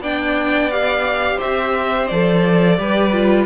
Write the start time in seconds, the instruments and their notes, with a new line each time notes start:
0.00 cello B3, viola D4, violin D5 G5
0.71 viola G4, violin F5
1.37 violin C5 E5
1.44 cello C4
2.07 cello F3, viola A4, violin D5
2.78 cello G3, viola G4, violin B4
3.13 viola F4